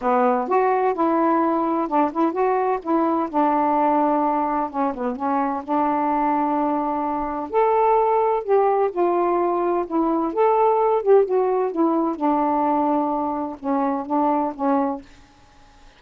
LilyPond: \new Staff \with { instrumentName = "saxophone" } { \time 4/4 \tempo 4 = 128 b4 fis'4 e'2 | d'8 e'8 fis'4 e'4 d'4~ | d'2 cis'8 b8 cis'4 | d'1 |
a'2 g'4 f'4~ | f'4 e'4 a'4. g'8 | fis'4 e'4 d'2~ | d'4 cis'4 d'4 cis'4 | }